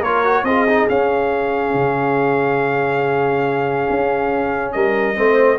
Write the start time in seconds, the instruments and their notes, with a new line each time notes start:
0.00 tuba A#3, trombone F4, horn A#4, trumpet C#5
0.24 trombone F#4
0.43 tuba C4, trombone F4, horn G#4, trumpet D#5
0.68 trombone D#4
0.89 tuba C#4, trombone C#4, trumpet F5
1.73 tuba C#3
3.89 tuba C#4
4.72 tuba G3, horn A#4, trumpet D#5
5.15 tuba A3, trombone C4, horn C5